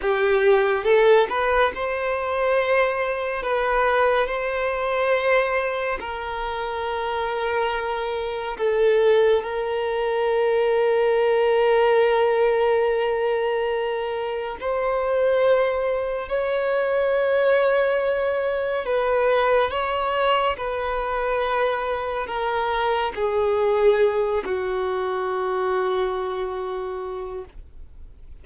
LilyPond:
\new Staff \with { instrumentName = "violin" } { \time 4/4 \tempo 4 = 70 g'4 a'8 b'8 c''2 | b'4 c''2 ais'4~ | ais'2 a'4 ais'4~ | ais'1~ |
ais'4 c''2 cis''4~ | cis''2 b'4 cis''4 | b'2 ais'4 gis'4~ | gis'8 fis'2.~ fis'8 | }